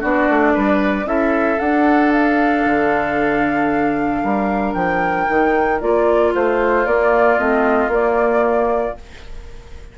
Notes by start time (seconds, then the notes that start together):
0.00 B3 D4 F#4 D5
0.29 A3
0.53 G3 B4
1.05 C#4 E4 A4 E5
1.59 D4 F#5
2.12 F5
2.65 D3
4.23 G3 A#4
4.74 F3 G5
5.28 D#3 D#4
5.80 A#3 F4 D5
6.33 A3 F4 C5
6.85 A#3 D5
7.37 A3 C4 D#5
7.88 A#3 D5